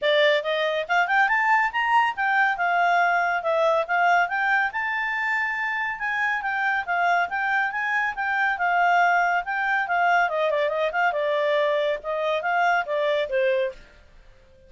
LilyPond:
\new Staff \with { instrumentName = "clarinet" } { \time 4/4 \tempo 4 = 140 d''4 dis''4 f''8 g''8 a''4 | ais''4 g''4 f''2 | e''4 f''4 g''4 a''4~ | a''2 gis''4 g''4 |
f''4 g''4 gis''4 g''4 | f''2 g''4 f''4 | dis''8 d''8 dis''8 f''8 d''2 | dis''4 f''4 d''4 c''4 | }